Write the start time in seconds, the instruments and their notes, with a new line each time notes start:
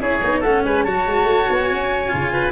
0.00 tuba C#4, cello E4, oboe G#4, flute C#5
0.23 tuba B3, cello D#4
0.40 tuba A3, oboe A4, flute F#5
0.47 cello C#4
0.64 tuba G#3, oboe B4, flute G#5
0.83 tuba F#3, cello F#4, oboe C#5, flute A5
1.06 tuba G#3
1.24 tuba A3
1.49 tuba B3
1.60 flute G#5
1.71 tuba C#4
2.08 tuba C#3, cello F4
2.32 oboe B4